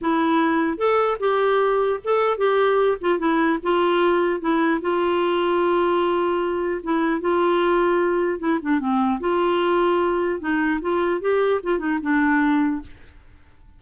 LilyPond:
\new Staff \with { instrumentName = "clarinet" } { \time 4/4 \tempo 4 = 150 e'2 a'4 g'4~ | g'4 a'4 g'4. f'8 | e'4 f'2 e'4 | f'1~ |
f'4 e'4 f'2~ | f'4 e'8 d'8 c'4 f'4~ | f'2 dis'4 f'4 | g'4 f'8 dis'8 d'2 | }